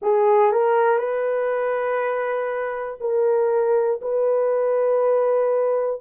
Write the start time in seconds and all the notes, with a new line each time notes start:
0.01 G#4
0.51 A#4
0.98 B4
3.00 A#4
4.01 B4